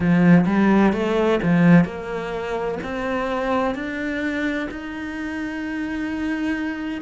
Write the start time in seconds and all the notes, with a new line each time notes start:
0.00 F3
0.46 G3
0.92 A3
1.43 F3
1.85 A#3
2.83 C4
3.74 D4
4.70 D#4